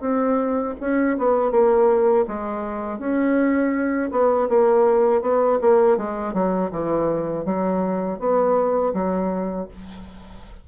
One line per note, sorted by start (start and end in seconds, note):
0.00 0.74 C4
0.80 1.17 C#4
1.18 1.51 B3
1.51 2.25 A#3
2.27 2.98 G#3
2.98 4.09 C#4
4.11 4.48 B3
4.48 5.21 A#3
5.21 5.58 B3
5.61 5.97 A#3
5.97 6.33 G#3
6.33 6.70 F#3
6.71 7.45 E3
7.45 8.19 F#3
8.19 8.93 B3
8.93 9.67 F#3